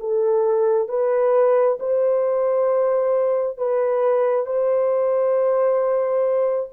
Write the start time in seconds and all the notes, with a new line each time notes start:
0.00 A4
0.88 B4
1.80 C5
3.57 B4
4.46 C5